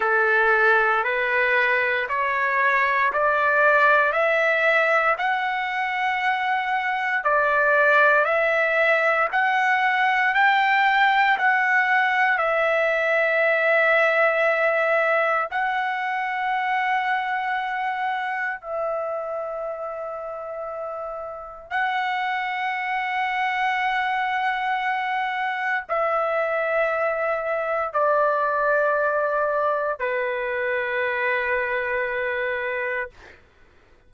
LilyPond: \new Staff \with { instrumentName = "trumpet" } { \time 4/4 \tempo 4 = 58 a'4 b'4 cis''4 d''4 | e''4 fis''2 d''4 | e''4 fis''4 g''4 fis''4 | e''2. fis''4~ |
fis''2 e''2~ | e''4 fis''2.~ | fis''4 e''2 d''4~ | d''4 b'2. | }